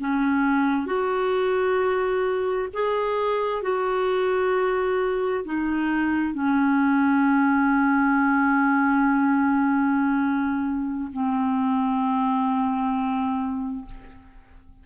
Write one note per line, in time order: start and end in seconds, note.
0.00 0.87 C#4
0.87 2.69 F#4
2.74 3.62 G#4
3.62 5.44 F#4
5.45 6.34 D#4
6.34 11.12 C#4
11.13 13.86 C4